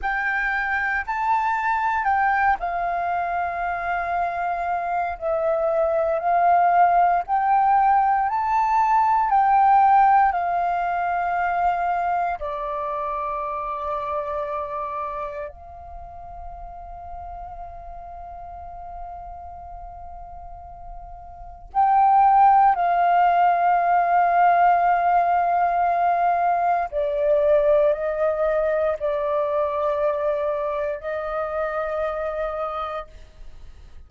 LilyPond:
\new Staff \with { instrumentName = "flute" } { \time 4/4 \tempo 4 = 58 g''4 a''4 g''8 f''4.~ | f''4 e''4 f''4 g''4 | a''4 g''4 f''2 | d''2. f''4~ |
f''1~ | f''4 g''4 f''2~ | f''2 d''4 dis''4 | d''2 dis''2 | }